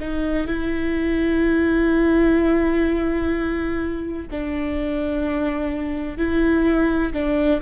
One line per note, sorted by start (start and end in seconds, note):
0.00 0.47 D#4
0.47 4.28 E4
4.31 6.18 D4
6.18 7.13 E4
7.13 7.61 D4